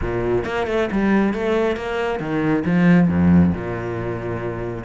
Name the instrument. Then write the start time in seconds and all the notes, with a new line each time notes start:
cello
0.01 A#2
0.45 A#3
0.67 A3
0.91 G3
1.33 A3
1.76 A#3
2.19 D#3
2.65 F3
3.08 F2
3.53 A#2